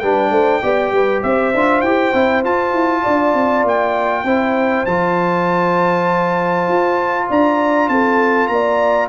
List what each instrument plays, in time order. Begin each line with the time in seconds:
0.00 tuba G3, trombone D4, horn B4, trumpet G5
0.31 tuba A3, horn C5
0.63 tuba B3, trombone G4, horn D5
0.92 tuba G3, horn B4
1.23 tuba C4, horn C5, trumpet E5
1.54 tuba D4, trombone F4
1.82 tuba E4, trombone G4, trumpet G5
2.14 tuba C4, trombone E4
2.44 tuba F4, trombone F4, trumpet A5
2.73 tuba E4
3.03 tuba D4, horn D5
3.34 tuba C4
3.65 tuba A#3, trumpet G5
4.24 tuba C4, trombone E4, horn C5
4.86 tuba F3, trombone F4, trumpet A5
6.68 tuba F4
7.30 tuba D4, horn D5, trumpet A#5
7.89 tuba C4, horn A4, trumpet A5
8.48 tuba A#3, horn D5, trumpet A#5